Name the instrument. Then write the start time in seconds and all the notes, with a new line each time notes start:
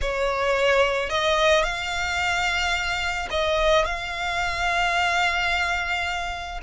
violin
0.01 C#5
1.09 D#5
1.63 F5
3.30 D#5
3.85 F5